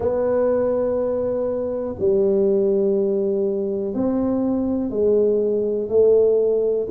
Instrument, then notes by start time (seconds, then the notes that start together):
tuba
0.00 B3
1.99 G3
3.93 C4
4.90 G#3
5.88 A3